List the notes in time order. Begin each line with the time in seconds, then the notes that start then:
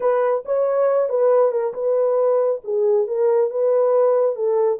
0.00 B4
0.45 C#5
1.09 B4
1.51 A#4
1.73 B4
2.64 G#4
3.07 A#4
3.50 B4
4.35 A4